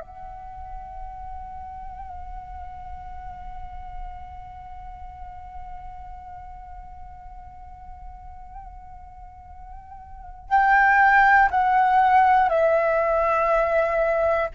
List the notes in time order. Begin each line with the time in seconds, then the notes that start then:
0.00 F#5
10.49 G5
11.50 F#5
12.49 E5